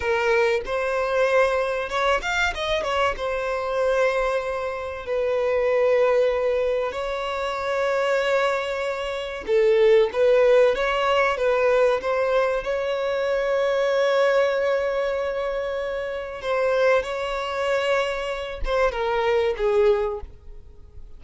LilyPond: \new Staff \with { instrumentName = "violin" } { \time 4/4 \tempo 4 = 95 ais'4 c''2 cis''8 f''8 | dis''8 cis''8 c''2. | b'2. cis''4~ | cis''2. a'4 |
b'4 cis''4 b'4 c''4 | cis''1~ | cis''2 c''4 cis''4~ | cis''4. c''8 ais'4 gis'4 | }